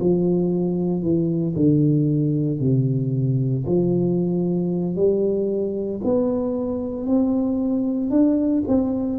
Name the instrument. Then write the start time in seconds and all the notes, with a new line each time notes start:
tuba
0.00 F3
1.02 E3
1.56 D3
2.60 C3
3.66 F3
4.96 G3
6.04 B3
7.06 C4
8.11 D4
8.67 C4